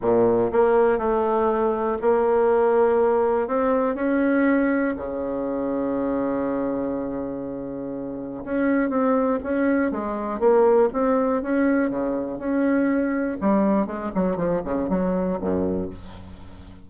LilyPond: \new Staff \with { instrumentName = "bassoon" } { \time 4/4 \tempo 4 = 121 ais,4 ais4 a2 | ais2. c'4 | cis'2 cis2~ | cis1~ |
cis4 cis'4 c'4 cis'4 | gis4 ais4 c'4 cis'4 | cis4 cis'2 g4 | gis8 fis8 f8 cis8 fis4 fis,4 | }